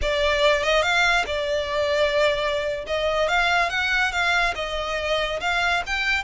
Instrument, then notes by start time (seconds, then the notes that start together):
violin
0.01 D5
0.63 D#5
0.82 F5
1.26 D5
2.87 D#5
3.28 F5
3.69 F#5
4.12 F5
4.55 D#5
5.40 F5
5.86 G5